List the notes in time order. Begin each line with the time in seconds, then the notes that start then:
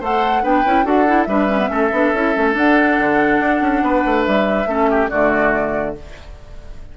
0.00 A3 A4 C5 F#5
0.42 B3 D4 B4 G5
0.65 C#4 E4
0.84 D4 F#4 A4 F#5
1.06 E4
1.23 G3 D4 B4 E5
1.48 C#4
1.58 B3
1.68 A3 C#4 A4
1.91 B3 D4
2.13 C#4 E4
2.34 A3 C#4
2.52 D4 F#5
2.98 D3
3.40 D4
3.61 C#4
3.82 B3 B4
4.06 A3
4.24 G3 E5
4.66 A3 C#4 A4
4.90 G4
5.09 D3 A3 F#4 D5